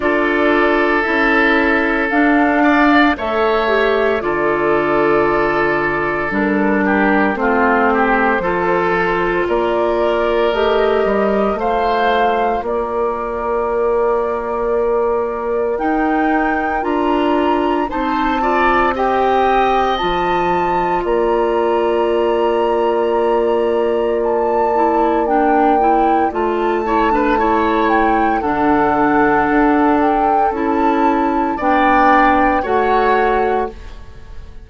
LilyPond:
<<
  \new Staff \with { instrumentName = "flute" } { \time 4/4 \tempo 4 = 57 d''4 e''4 f''4 e''4 | d''2 ais'4 c''4~ | c''4 d''4 dis''4 f''4 | d''2. g''4 |
ais''4 a''4 g''4 a''4 | ais''2. a''4 | g''4 a''4. g''8 fis''4~ | fis''8 g''8 a''4 g''4 fis''4 | }
  \new Staff \with { instrumentName = "oboe" } { \time 4/4 a'2~ a'8 d''8 cis''4 | a'2~ a'8 g'8 f'8 g'8 | a'4 ais'2 c''4 | ais'1~ |
ais'4 c''8 d''8 dis''2 | d''1~ | d''4. cis''16 b'16 cis''4 a'4~ | a'2 d''4 cis''4 | }
  \new Staff \with { instrumentName = "clarinet" } { \time 4/4 f'4 e'4 d'4 a'8 g'8 | f'2 d'4 c'4 | f'2 g'4 f'4~ | f'2. dis'4 |
f'4 dis'8 f'8 g'4 f'4~ | f'2.~ f'8 e'8 | d'8 e'8 f'8 e'16 d'16 e'4 d'4~ | d'4 e'4 d'4 fis'4 | }
  \new Staff \with { instrumentName = "bassoon" } { \time 4/4 d'4 cis'4 d'4 a4 | d2 g4 a4 | f4 ais4 a8 g8 a4 | ais2. dis'4 |
d'4 c'2 f4 | ais1~ | ais4 a2 d4 | d'4 cis'4 b4 a4 | }
>>